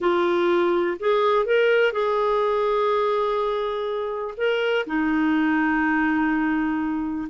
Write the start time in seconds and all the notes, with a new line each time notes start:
0.00 F4
0.99 G#4
1.45 A#4
1.92 G#4
4.37 A#4
4.86 D#4